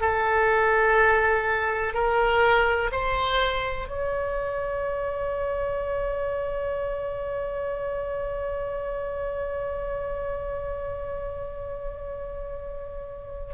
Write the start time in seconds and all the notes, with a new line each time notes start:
0.00 A4
1.94 A#4
2.91 C5
3.88 C#5